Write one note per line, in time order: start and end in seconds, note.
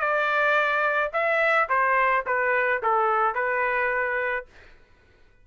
0.00 1.11 D5
1.13 1.69 E5
1.69 2.25 C5
2.26 2.82 B4
2.83 3.35 A4
3.35 4.46 B4